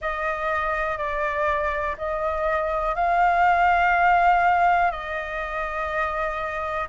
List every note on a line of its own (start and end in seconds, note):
0.00 0.97 D#5
0.97 1.96 D5
1.97 2.95 D#5
2.95 4.91 F5
4.91 6.88 D#5